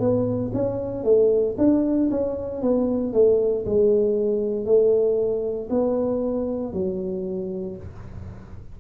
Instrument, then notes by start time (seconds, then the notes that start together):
tuba
0.00 B3
0.54 C#4
1.04 A3
1.58 D4
2.11 C#4
2.62 B3
3.14 A3
3.66 G#3
4.66 A3
5.70 B3
6.73 F#3